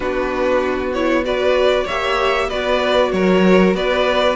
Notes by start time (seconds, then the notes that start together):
0.00 B3 D4 F#4 B4
0.93 E4 C#5
1.23 F#4 B4 D5
1.84 A#3 G4 C#5 E5
2.49 B3 F#4 B4 D5
3.11 F#3 A#4 C#5
3.74 B3 B4 D5